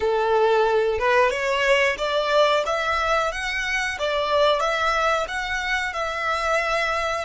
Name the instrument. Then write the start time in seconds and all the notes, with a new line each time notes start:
violin
0.00 A4
0.98 B4
1.30 C#5
1.98 D5
2.66 E5
3.32 F#5
3.98 D5
4.60 E5
5.27 F#5
5.93 E5